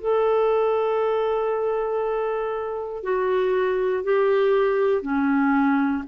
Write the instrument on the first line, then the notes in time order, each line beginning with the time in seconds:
clarinet
0.00 A4
3.03 F#4
4.04 G4
5.02 C#4